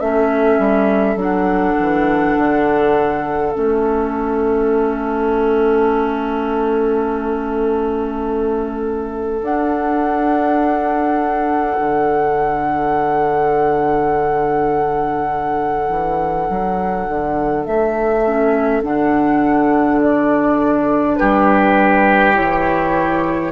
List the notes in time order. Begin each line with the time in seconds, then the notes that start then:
0.00 A3 C#4 A4 E5
0.59 G3
1.16 F#3 D4
1.22 F#5
1.79 E3
2.37 D3
3.52 A3 C#4 E5
9.40 D4 F#5
11.79 D3
15.89 E3
16.50 F#3
17.08 D3
17.65 A3 E5
18.26 C#4
18.82 D3 D4 F#5
20.02 D5
21.16 G3 G4 B4
22.34 E3 E4 C#5